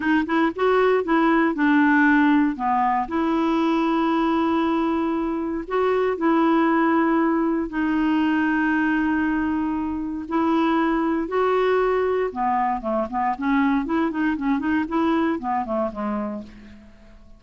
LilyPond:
\new Staff \with { instrumentName = "clarinet" } { \time 4/4 \tempo 4 = 117 dis'8 e'8 fis'4 e'4 d'4~ | d'4 b4 e'2~ | e'2. fis'4 | e'2. dis'4~ |
dis'1 | e'2 fis'2 | b4 a8 b8 cis'4 e'8 dis'8 | cis'8 dis'8 e'4 b8 a8 gis4 | }